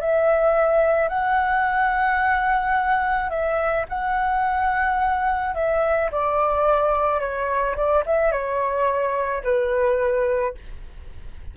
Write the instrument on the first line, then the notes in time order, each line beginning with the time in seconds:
flute
0.00 E5
1.09 F#5
3.30 E5
3.88 F#5
5.55 E5
6.11 D5
7.20 C#5
7.76 D5
8.06 E5
8.32 C#5
9.43 B4